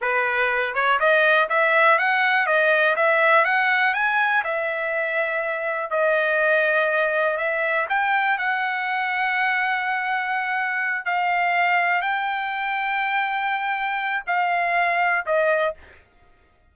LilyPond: \new Staff \with { instrumentName = "trumpet" } { \time 4/4 \tempo 4 = 122 b'4. cis''8 dis''4 e''4 | fis''4 dis''4 e''4 fis''4 | gis''4 e''2. | dis''2. e''4 |
g''4 fis''2.~ | fis''2~ fis''8 f''4.~ | f''8 g''2.~ g''8~ | g''4 f''2 dis''4 | }